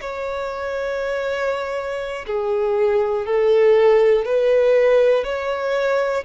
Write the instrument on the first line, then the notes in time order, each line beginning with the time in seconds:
violin
0.00 C#5
2.26 G#4
3.25 A4
4.25 B4
5.24 C#5